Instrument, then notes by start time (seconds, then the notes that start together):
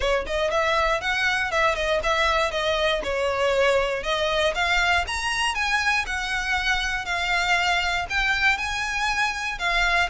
violin
0.00 C#5
0.26 D#5
0.50 E5
1.00 F#5
1.51 E5
1.75 D#5
2.03 E5
2.51 D#5
3.03 C#5
4.03 D#5
4.54 F5
5.07 A#5
5.55 G#5
6.06 F#5
7.05 F5
8.09 G5
8.57 G#5
9.58 F5